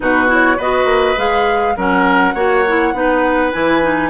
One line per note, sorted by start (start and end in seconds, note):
0.00 0.58 B2
0.00 0.27 D#4
0.00 0.57 F#4
0.00 0.30 B4
0.27 0.57 E4
0.27 0.59 C#5
0.57 0.85 B3
0.57 1.16 F#4
0.57 1.74 B4
0.57 1.18 D#5
0.85 1.14 A#3
1.16 1.76 G#3
1.16 1.75 G#4
1.16 1.77 F5
1.76 2.34 F#3
1.76 2.35 C#4
1.76 2.34 A#4
1.76 3.53 F#5
2.34 2.93 A#3
2.34 2.64 F#4
2.34 2.93 C#5
2.67 2.94 E4
2.93 3.51 B3
2.93 3.52 D#4
2.99 4.10 B4
3.52 4.10 E3
3.52 3.81 E4
3.52 4.10 G#5
3.82 4.10 D#4